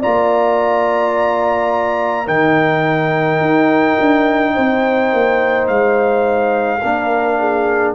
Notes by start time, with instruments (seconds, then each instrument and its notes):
0.00 tuba A#3, trombone F4, horn D5, trumpet A#5
2.27 tuba D#3, trombone D#4, horn A#4, trumpet G5
3.41 tuba D#4
4.01 tuba D4
4.54 tuba C4, horn C5
5.13 tuba A#3
5.68 tuba G#3, trumpet F5
6.82 tuba A#3, trombone D4, horn A#4
7.40 horn G#4